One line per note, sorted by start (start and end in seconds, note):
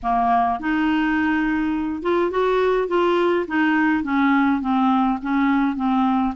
0.03 0.59 A#3
0.59 2.02 D#4
2.02 2.31 F4
2.31 2.88 F#4
2.88 3.45 F4
3.47 4.03 D#4
4.03 4.61 C#4
4.61 5.18 C4
5.22 5.76 C#4
5.76 6.33 C4